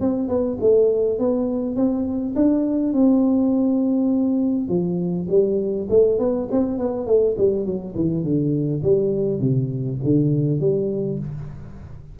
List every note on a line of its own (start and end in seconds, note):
0.00 0.28 C4
0.28 0.57 B3
0.60 1.18 A3
1.18 1.76 B3
1.76 2.34 C4
2.36 2.93 D4
2.93 4.68 C4
4.68 5.27 F3
5.29 5.87 G3
5.89 6.19 A3
6.19 6.48 B3
6.51 6.78 C4
6.78 7.06 B3
7.06 7.35 A3
7.37 7.65 G3
7.65 7.95 F#3
7.95 8.23 E3
8.23 8.82 D3
8.82 9.39 G3
9.39 9.98 C3
10.03 10.60 D3
10.60 11.18 G3